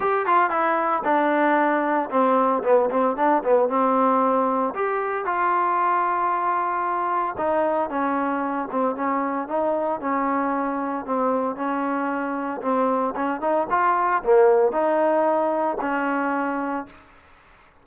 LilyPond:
\new Staff \with { instrumentName = "trombone" } { \time 4/4 \tempo 4 = 114 g'8 f'8 e'4 d'2 | c'4 b8 c'8 d'8 b8 c'4~ | c'4 g'4 f'2~ | f'2 dis'4 cis'4~ |
cis'8 c'8 cis'4 dis'4 cis'4~ | cis'4 c'4 cis'2 | c'4 cis'8 dis'8 f'4 ais4 | dis'2 cis'2 | }